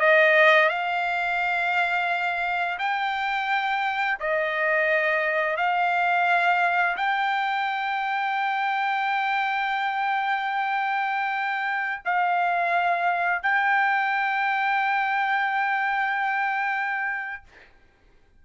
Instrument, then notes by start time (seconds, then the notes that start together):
trumpet
0.00 D#5
0.69 F5
2.79 G5
4.20 D#5
5.57 F5
6.97 G5
12.05 F5
13.43 G5